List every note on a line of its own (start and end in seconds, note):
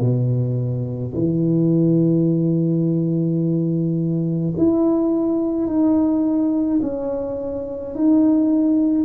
0.00 1.13 B2
1.14 4.53 E3
4.57 5.67 E4
5.67 6.80 D#4
6.82 7.95 C#4
7.95 9.05 D#4